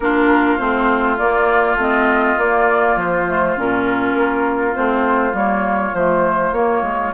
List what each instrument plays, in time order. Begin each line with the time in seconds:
0.00 bassoon A#3, clarinet D4, oboe F4, flute A#4
0.57 bassoon A3, clarinet C4, flute C5
1.17 bassoon A#3, clarinet A#3, flute D5
1.75 bassoon A3, clarinet C4, flute D#5
2.37 bassoon A#3, clarinet A#3, flute D5
2.96 bassoon F3, flute C5
3.27 clarinet A3
3.57 bassoon A#2, clarinet C#4, flute A#4
4.14 bassoon A#3
4.74 bassoon A3, clarinet C4, flute C5
5.33 bassoon G3, clarinet A#3, flute C#5
5.93 bassoon F3, clarinet A3, flute C5
6.52 bassoon A#3, clarinet A#3, flute C#5
6.81 bassoon G#3